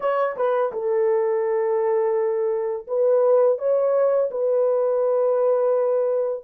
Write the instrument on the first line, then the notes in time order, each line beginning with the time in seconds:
horn
0.00 C#5
0.36 B4
0.72 A4
2.87 B4
3.58 C#5
4.30 B4